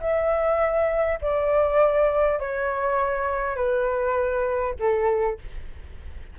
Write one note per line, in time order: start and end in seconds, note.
0.00 1.19 E5
1.21 2.39 D5
2.39 3.56 C#5
3.56 4.74 B4
4.79 5.38 A4